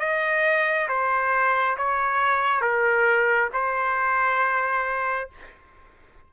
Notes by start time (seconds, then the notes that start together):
0.00 D#5
0.89 C5
1.78 C#5
2.61 A#4
3.53 C5